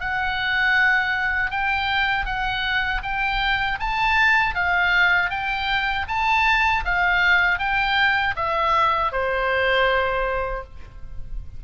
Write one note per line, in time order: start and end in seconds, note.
0.00 1.51 F#5
1.51 2.25 G5
2.25 3.01 F#5
3.03 3.79 G5
3.79 4.55 A5
4.55 5.30 F5
5.30 6.06 G5
6.08 6.84 A5
6.85 7.59 F5
7.59 8.35 G5
8.36 9.12 E5
9.12 10.64 C5